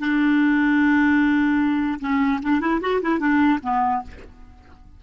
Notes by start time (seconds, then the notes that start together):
0.00 D4
2.01 C#4
2.43 D4
2.61 E4
2.81 F#4
3.02 E4
3.20 D4
3.63 B3